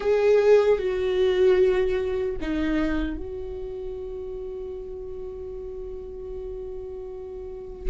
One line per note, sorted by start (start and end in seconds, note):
0.00 0.78 G#4
0.78 2.36 F#4
2.41 3.17 D#4
3.17 7.89 F#4